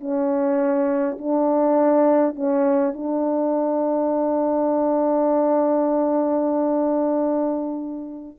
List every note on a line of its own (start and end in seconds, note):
0.00 1.18 C#4
1.18 2.35 D4
2.35 2.93 C#4
2.93 8.37 D4